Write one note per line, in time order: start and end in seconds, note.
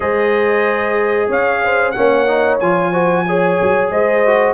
0.00 1.28 G#3
0.00 1.94 G#4
0.00 1.28 C5
0.00 1.30 D#5
1.28 1.94 C#4
1.28 1.60 C#5
1.28 1.91 F5
1.64 1.96 C5
1.91 2.61 A#3
1.91 2.26 C#4
1.91 2.91 C#5
1.91 2.56 F#5
2.26 2.59 D#4
2.59 3.59 F3
2.59 2.92 F4
2.59 3.90 G#5
2.91 3.25 F#4
2.91 3.24 C5
3.27 4.26 G#4
3.27 3.91 C#5
3.61 3.90 F#3
3.90 4.53 G#3
3.90 4.53 C5
3.90 4.53 D#5
4.26 4.53 F#4